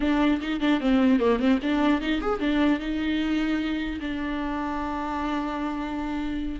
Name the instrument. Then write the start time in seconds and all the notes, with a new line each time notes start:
viola
0.00 D4
0.41 D#4
0.60 D4
0.80 C4
1.19 A#3
1.39 C4
1.62 D4
2.01 D#4
2.21 G#4
2.39 D4
2.79 D#4
4.00 D4